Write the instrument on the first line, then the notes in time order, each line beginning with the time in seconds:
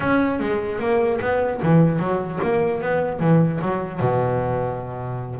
double bass
0.00 C#4
0.39 G#3
0.79 A#3
1.20 B3
1.62 E3
1.99 F#3
2.42 A#3
2.81 B3
3.19 E3
3.61 F#3
4.00 B2